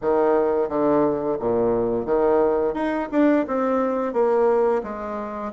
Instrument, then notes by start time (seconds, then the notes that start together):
bassoon
0.01 D#3
0.68 D3
1.39 A#2
2.05 D#3
2.73 D#4
3.11 D4
3.47 C4
4.13 A#3
4.83 G#3